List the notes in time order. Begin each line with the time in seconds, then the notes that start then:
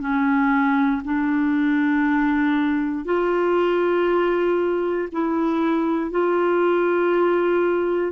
0.00 C#4
1.04 D4
3.05 F4
5.12 E4
6.11 F4